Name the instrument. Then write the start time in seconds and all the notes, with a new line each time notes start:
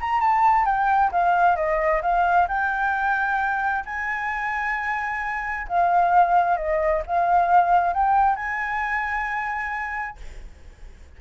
flute
0.00 A#5
0.20 A5
0.65 G5
1.11 F5
1.56 D#5
2.02 F5
2.48 G5
3.85 G#5
5.68 F5
6.57 D#5
7.06 F5
7.93 G5
8.36 G#5